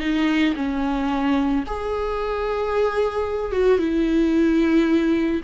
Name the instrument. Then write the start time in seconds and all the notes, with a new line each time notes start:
viola
0.00 D#4
0.56 C#4
1.66 G#4
3.52 F#4
3.79 E4